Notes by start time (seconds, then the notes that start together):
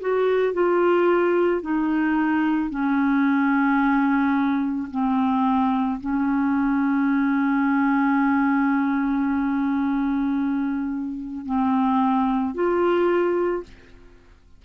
0.00 F#4
0.53 F4
1.62 D#4
2.70 C#4
4.90 C4
6.00 C#4
11.45 C4
12.54 F4